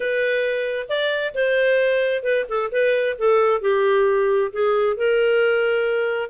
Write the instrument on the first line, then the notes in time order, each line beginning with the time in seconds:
clarinet
0.00 B4
0.89 D5
1.34 C5
2.23 B4
2.48 A4
2.71 B4
3.18 A4
3.61 G4
4.52 G#4
4.96 A#4